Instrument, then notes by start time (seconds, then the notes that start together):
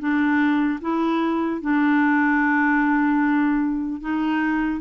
clarinet
0.00 D4
0.81 E4
1.62 D4
4.01 D#4